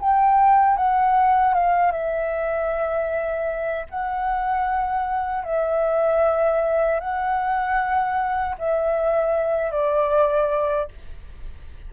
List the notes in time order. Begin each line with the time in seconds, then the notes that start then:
0.00 G5
0.77 F#5
1.54 F5
1.92 E5
3.90 F#5
5.44 E5
7.01 F#5
8.59 E5
9.72 D5